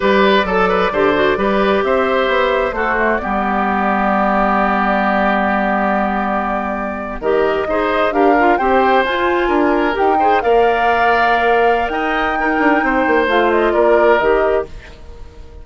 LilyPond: <<
  \new Staff \with { instrumentName = "flute" } { \time 4/4 \tempo 4 = 131 d''1 | e''2 c''4 d''4~ | d''1~ | d''2.~ d''8. dis''16~ |
dis''4.~ dis''16 f''4 g''4 gis''16~ | gis''4.~ gis''16 g''4 f''4~ f''16~ | f''2 g''2~ | g''4 f''8 dis''8 d''4 dis''4 | }
  \new Staff \with { instrumentName = "oboe" } { \time 4/4 b'4 a'8 b'8 c''4 b'4 | c''2 fis'4 g'4~ | g'1~ | g'2.~ g'8. ais'16~ |
ais'8. c''4 ais'4 c''4~ c''16~ | c''8. ais'4. c''8 d''4~ d''16~ | d''2 dis''4 ais'4 | c''2 ais'2 | }
  \new Staff \with { instrumentName = "clarinet" } { \time 4/4 g'4 a'4 g'8 fis'8 g'4~ | g'2 a'8 a8 b4~ | b1~ | b2.~ b8. g'16~ |
g'8. gis'4 g'8 f'8 g'4 f'16~ | f'4.~ f'16 g'8 gis'8 ais'4~ ais'16~ | ais'2. dis'4~ | dis'4 f'2 g'4 | }
  \new Staff \with { instrumentName = "bassoon" } { \time 4/4 g4 fis4 d4 g4 | c'4 b4 a4 g4~ | g1~ | g2.~ g8. dis16~ |
dis8. dis'4 d'4 c'4 f'16~ | f'8. d'4 dis'4 ais4~ ais16~ | ais2 dis'4. d'8 | c'8 ais8 a4 ais4 dis4 | }
>>